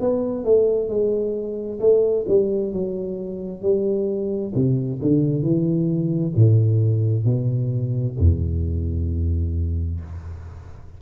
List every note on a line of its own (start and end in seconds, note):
0.00 0.45 B3
0.45 0.89 A3
0.89 1.80 G#3
1.80 2.26 A3
2.28 2.73 G3
2.73 3.62 F#3
3.62 4.53 G3
4.55 5.00 C3
5.02 5.43 D3
5.43 6.33 E3
6.36 7.25 A2
7.25 8.16 B2
8.19 10.01 E2